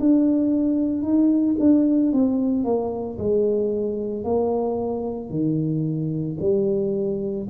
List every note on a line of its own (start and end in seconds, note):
0.00 1.02 D4
1.02 1.56 D#4
1.60 2.12 D4
2.12 2.64 C4
2.64 3.18 A#3
3.18 4.24 G#3
4.24 5.30 A#3
5.30 6.37 D#3
6.40 7.48 G3